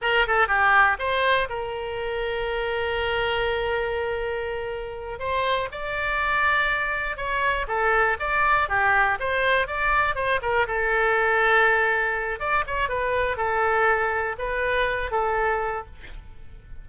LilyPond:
\new Staff \with { instrumentName = "oboe" } { \time 4/4 \tempo 4 = 121 ais'8 a'8 g'4 c''4 ais'4~ | ais'1~ | ais'2~ ais'8 c''4 d''8~ | d''2~ d''8 cis''4 a'8~ |
a'8 d''4 g'4 c''4 d''8~ | d''8 c''8 ais'8 a'2~ a'8~ | a'4 d''8 cis''8 b'4 a'4~ | a'4 b'4. a'4. | }